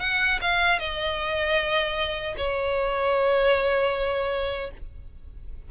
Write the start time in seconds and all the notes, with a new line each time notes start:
0.00 F#5
0.41 F5
0.79 D#5
2.37 C#5